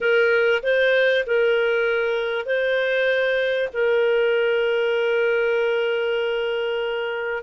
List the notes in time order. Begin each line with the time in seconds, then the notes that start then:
0.00 A#4
0.62 C5
1.26 A#4
2.45 C5
3.73 A#4